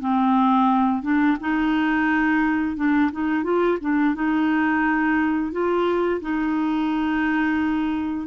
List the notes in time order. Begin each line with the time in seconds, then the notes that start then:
0.00 C4
1.03 D4
1.40 D#4
2.76 D4
3.12 D#4
3.44 F4
3.81 D4
4.15 D#4
5.52 F4
6.21 D#4